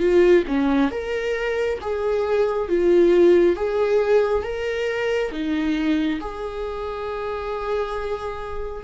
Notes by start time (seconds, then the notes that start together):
0.00 F4
0.48 C#4
0.91 A#4
1.82 G#4
2.69 F4
3.57 G#4
4.44 A#4
5.32 D#4
6.21 G#4